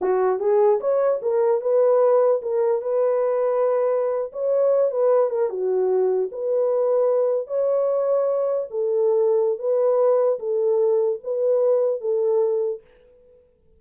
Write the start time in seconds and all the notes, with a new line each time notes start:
0.01 F#4
0.39 G#4
0.80 C#5
1.22 A#4
1.61 B4
2.41 A#4
2.81 B4
4.32 C#5
4.91 B4
5.30 A#4
5.49 F#4
6.31 B4
7.47 C#5
8.70 A4
9.58 B4
10.39 A4
11.23 B4
12.01 A4